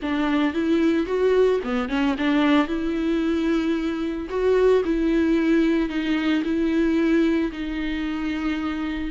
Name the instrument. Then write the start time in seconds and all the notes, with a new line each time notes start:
viola
0.01 D4
0.53 E4
1.06 F#4
1.63 B3
1.88 C#4
2.18 D4
2.67 E4
4.29 F#4
4.85 E4
5.89 D#4
6.44 E4
7.51 D#4